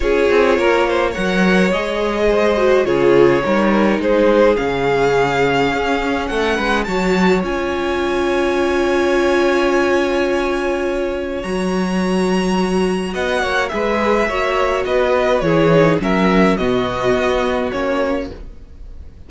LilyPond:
<<
  \new Staff \with { instrumentName = "violin" } { \time 4/4 \tempo 4 = 105 cis''2 fis''4 dis''4~ | dis''4 cis''2 c''4 | f''2. fis''4 | a''4 gis''2.~ |
gis''1 | ais''2. fis''4 | e''2 dis''4 cis''4 | e''4 dis''2 cis''4 | }
  \new Staff \with { instrumentName = "violin" } { \time 4/4 gis'4 ais'8 c''8 cis''2 | c''4 gis'4 ais'4 gis'4~ | gis'2. a'8 b'8 | cis''1~ |
cis''1~ | cis''2. dis''8 cis''8 | b'4 cis''4 b'4 gis'4 | ais'4 fis'2. | }
  \new Staff \with { instrumentName = "viola" } { \time 4/4 f'2 ais'4 gis'4~ | gis'8 fis'8 f'4 dis'2 | cis'1 | fis'4 f'2.~ |
f'1 | fis'1 | gis'4 fis'2 e'8 dis'8 | cis'4 b2 cis'4 | }
  \new Staff \with { instrumentName = "cello" } { \time 4/4 cis'8 c'8 ais4 fis4 gis4~ | gis4 cis4 g4 gis4 | cis2 cis'4 a8 gis8 | fis4 cis'2.~ |
cis'1 | fis2. b8 ais8 | gis4 ais4 b4 e4 | fis4 b,4 b4 ais4 | }
>>